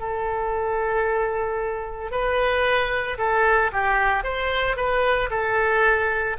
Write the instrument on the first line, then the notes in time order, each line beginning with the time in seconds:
oboe
0.00 A4
2.12 B4
3.19 A4
3.73 G4
4.24 C5
4.77 B4
5.31 A4